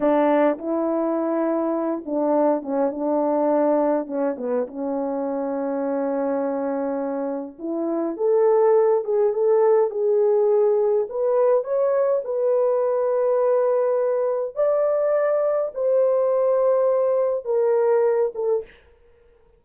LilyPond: \new Staff \with { instrumentName = "horn" } { \time 4/4 \tempo 4 = 103 d'4 e'2~ e'8 d'8~ | d'8 cis'8 d'2 cis'8 b8 | cis'1~ | cis'4 e'4 a'4. gis'8 |
a'4 gis'2 b'4 | cis''4 b'2.~ | b'4 d''2 c''4~ | c''2 ais'4. a'8 | }